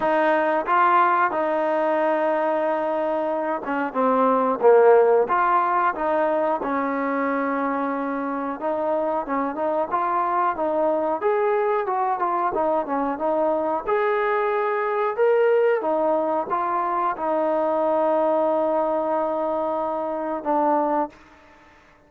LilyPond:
\new Staff \with { instrumentName = "trombone" } { \time 4/4 \tempo 4 = 91 dis'4 f'4 dis'2~ | dis'4. cis'8 c'4 ais4 | f'4 dis'4 cis'2~ | cis'4 dis'4 cis'8 dis'8 f'4 |
dis'4 gis'4 fis'8 f'8 dis'8 cis'8 | dis'4 gis'2 ais'4 | dis'4 f'4 dis'2~ | dis'2. d'4 | }